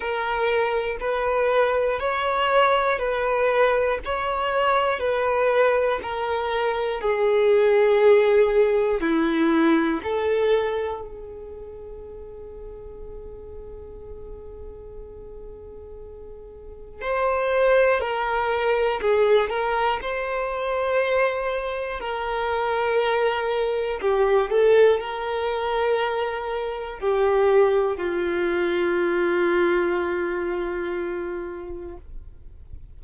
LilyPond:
\new Staff \with { instrumentName = "violin" } { \time 4/4 \tempo 4 = 60 ais'4 b'4 cis''4 b'4 | cis''4 b'4 ais'4 gis'4~ | gis'4 e'4 a'4 gis'4~ | gis'1~ |
gis'4 c''4 ais'4 gis'8 ais'8 | c''2 ais'2 | g'8 a'8 ais'2 g'4 | f'1 | }